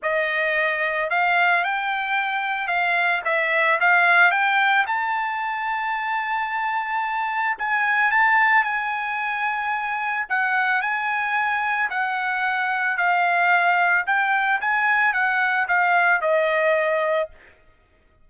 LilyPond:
\new Staff \with { instrumentName = "trumpet" } { \time 4/4 \tempo 4 = 111 dis''2 f''4 g''4~ | g''4 f''4 e''4 f''4 | g''4 a''2.~ | a''2 gis''4 a''4 |
gis''2. fis''4 | gis''2 fis''2 | f''2 g''4 gis''4 | fis''4 f''4 dis''2 | }